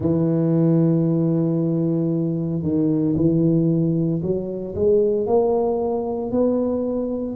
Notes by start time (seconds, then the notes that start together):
0.00 E3
2.62 D#3
3.16 E3
4.22 F#3
4.75 G#3
5.26 A#3
6.31 B3